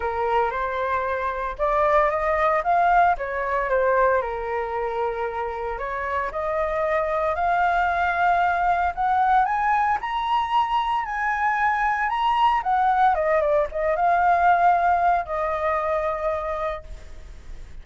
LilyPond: \new Staff \with { instrumentName = "flute" } { \time 4/4 \tempo 4 = 114 ais'4 c''2 d''4 | dis''4 f''4 cis''4 c''4 | ais'2. cis''4 | dis''2 f''2~ |
f''4 fis''4 gis''4 ais''4~ | ais''4 gis''2 ais''4 | fis''4 dis''8 d''8 dis''8 f''4.~ | f''4 dis''2. | }